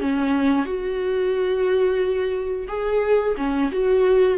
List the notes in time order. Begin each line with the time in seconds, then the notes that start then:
0.00 C#4
0.65 F#4
2.68 G#4
3.37 C#4
3.71 F#4